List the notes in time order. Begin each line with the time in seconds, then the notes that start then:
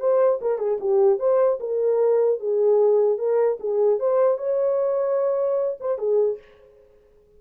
0.00 C5
0.42 A#4
0.59 G#4
0.81 G4
1.19 C5
1.60 A#4
2.40 G#4
3.19 A#4
3.60 G#4
3.99 C5
4.38 C#5
5.80 C5
5.99 G#4